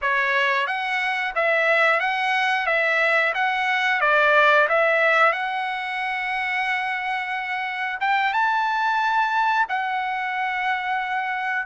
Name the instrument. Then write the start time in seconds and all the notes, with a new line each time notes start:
trumpet
0.01 C#5
0.66 F#5
1.35 E5
2.00 F#5
2.66 E5
3.34 F#5
4.00 D5
4.68 E5
5.32 F#5
8.00 G5
8.33 A5
9.68 F#5